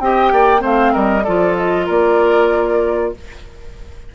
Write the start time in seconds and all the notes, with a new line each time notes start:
0.00 C4 G4 D#5 G5
0.32 A#3 D5
0.59 A3 C4 C5
0.65 F5
0.93 G3 A#4 D#5
1.24 F3 F4 A4 D5
1.57 D#5
1.86 A#3 A#4 D5